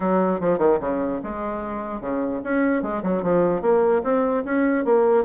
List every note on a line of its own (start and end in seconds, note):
0.00 0.40 F#3
0.40 0.58 F3
0.58 0.78 D#3
0.80 1.20 C#3
1.23 2.00 G#3
2.00 2.41 C#3
2.43 2.82 C#4
2.82 3.02 G#3
3.02 3.23 F#3
3.23 3.61 F3
3.61 4.02 A#3
4.03 4.43 C4
4.44 4.84 C#4
4.84 5.24 A#3